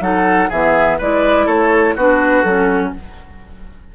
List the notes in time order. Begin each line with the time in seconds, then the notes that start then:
0.00 F#3 D#4 A4 F#5
0.49 E3 B3 G#4 E5
0.98 G#3 E4 B4 D5
1.46 A3 A4 C#5
1.96 B3 D4 F#4 B4
2.42 F#3 C#4 A4